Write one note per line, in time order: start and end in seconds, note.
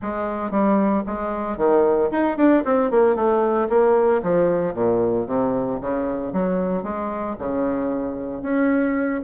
0.01 0.50 G#3
0.50 1.03 G3
1.06 1.57 G#3
1.57 2.09 D#3
2.11 2.37 D#4
2.37 2.63 D4
2.65 2.90 C4
2.90 3.15 A#3
3.15 3.68 A3
3.69 4.21 A#3
4.22 4.74 F3
4.74 5.26 A#2
5.26 5.79 C3
5.80 6.32 C#3
6.32 6.83 F#3
6.83 7.35 G#3
7.38 8.42 C#3
8.42 9.21 C#4